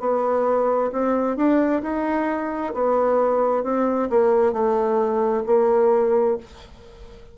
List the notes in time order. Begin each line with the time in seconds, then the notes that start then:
0.00 B3
0.92 C4
1.36 D4
1.82 D#4
2.74 B3
3.63 C4
4.10 A#3
4.52 A3
5.46 A#3